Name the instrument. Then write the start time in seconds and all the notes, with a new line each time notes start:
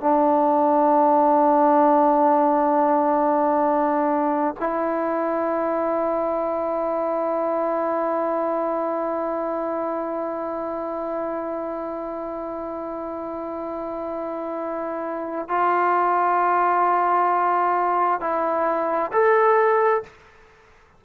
trombone
0.00 D4
4.60 E4
15.48 F4
18.20 E4
19.12 A4